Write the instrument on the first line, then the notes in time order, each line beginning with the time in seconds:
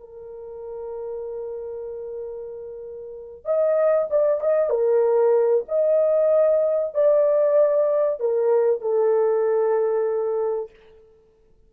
horn
0.00 A#4
3.45 D#5
4.10 D5
4.41 D#5
4.70 A#4
5.68 D#5
6.94 D5
8.20 A#4
8.81 A4